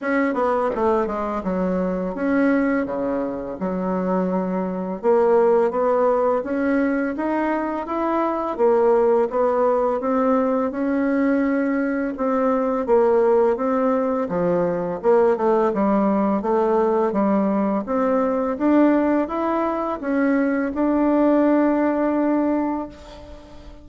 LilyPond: \new Staff \with { instrumentName = "bassoon" } { \time 4/4 \tempo 4 = 84 cis'8 b8 a8 gis8 fis4 cis'4 | cis4 fis2 ais4 | b4 cis'4 dis'4 e'4 | ais4 b4 c'4 cis'4~ |
cis'4 c'4 ais4 c'4 | f4 ais8 a8 g4 a4 | g4 c'4 d'4 e'4 | cis'4 d'2. | }